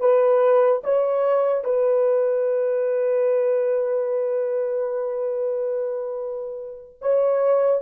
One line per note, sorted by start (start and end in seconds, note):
0.00 0.82 B4
0.84 1.64 C#5
1.64 6.99 B4
7.01 7.82 C#5